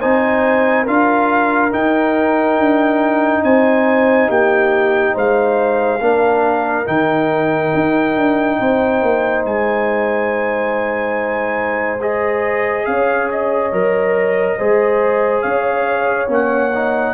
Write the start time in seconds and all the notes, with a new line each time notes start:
0.00 C4 D#4 C5 G#5
0.83 D4 F4 A#4 F5
1.71 D#4 G5
2.59 D4
3.43 C4 C5 G#5
4.29 A#3 G4 G5
5.14 G#3 C5 F5
6.01 A#3 D4 A#4
6.85 D#3 D#4 G5
7.74 D#4
8.17 D4
8.59 C4 C5
9.02 A#3
9.45 G#3 G#5
12.01 G#4 D#5
12.86 C#4 C#5 F5
13.31 D#5
13.72 F#3 A#4
14.58 G#3 G#4 C5
15.42 C#4 C#5 F5
16.28 A#3 C#4 F#5
16.74 D#4